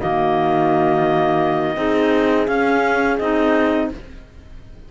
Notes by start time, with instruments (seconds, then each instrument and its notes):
0.00 cello D#3, clarinet A#3 D#5, horn F#4
1.76 cello C4, clarinet D#4, horn G#4
2.47 cello C#4, clarinet C#4 F5
3.18 cello C4, clarinet D#4 D#5